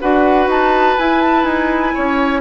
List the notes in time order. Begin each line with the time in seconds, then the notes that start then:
0.00 D4 F#4 B4 F#5
0.47 D#4 A5
0.97 E4 G#5
1.21 A5
1.44 D#4 G#5
1.94 C#4 C#5